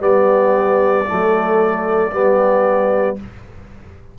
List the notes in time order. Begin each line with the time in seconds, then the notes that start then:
0.00 G3 B3 G4 D5
1.06 F#3 A3 A4
2.11 G3 B3 G4